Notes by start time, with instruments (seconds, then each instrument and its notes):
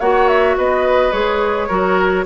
0.00 bassoon A#3, clarinet F#4, oboe C#5, flute F#5
0.28 flute E5
0.57 bassoon B3, oboe B4, flute D#5
1.12 bassoon G#3, clarinet G#4, flute C#5
1.68 bassoon F#3, clarinet F#4, oboe A#4